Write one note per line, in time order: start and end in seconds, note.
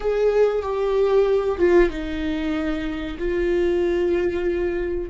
0.00 0.62 G#4
0.62 1.58 G4
1.58 1.89 F4
1.89 3.17 D#4
3.18 5.09 F4